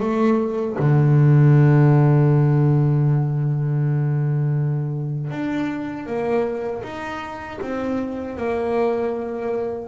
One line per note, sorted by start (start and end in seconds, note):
0.00 0.76 A3
0.79 5.31 D3
5.31 6.07 D4
6.07 6.83 A#3
6.83 7.59 D#4
7.62 8.37 C4
8.37 9.88 A#3